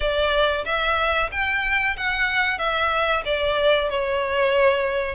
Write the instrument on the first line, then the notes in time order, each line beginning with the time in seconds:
violin
0.00 D5
0.65 E5
1.31 G5
1.96 F#5
2.58 E5
3.25 D5
3.89 C#5